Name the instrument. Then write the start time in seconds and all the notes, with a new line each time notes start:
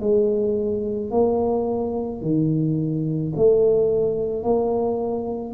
tuba
0.00 G#3
1.11 A#3
2.22 D#3
3.36 A3
4.43 A#3